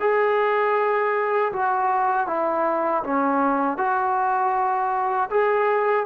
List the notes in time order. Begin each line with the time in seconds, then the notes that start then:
0.00 G#4
1.53 F#4
2.27 E4
3.03 C#4
3.77 F#4
5.30 G#4